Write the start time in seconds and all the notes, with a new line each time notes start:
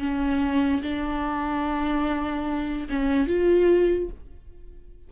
0.00 C#4
0.82 D4
2.90 C#4
3.28 F4